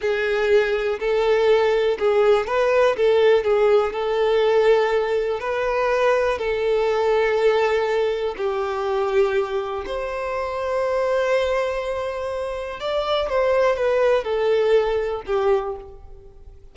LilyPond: \new Staff \with { instrumentName = "violin" } { \time 4/4 \tempo 4 = 122 gis'2 a'2 | gis'4 b'4 a'4 gis'4 | a'2. b'4~ | b'4 a'2.~ |
a'4 g'2. | c''1~ | c''2 d''4 c''4 | b'4 a'2 g'4 | }